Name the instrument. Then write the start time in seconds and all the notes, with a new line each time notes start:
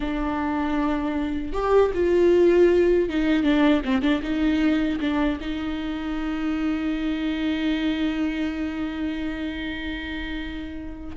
viola
0.00 D4
1.52 G4
1.94 F4
3.09 D#4
3.43 D4
3.85 C4
4.01 D4
4.22 D#4
5.00 D4
5.41 D#4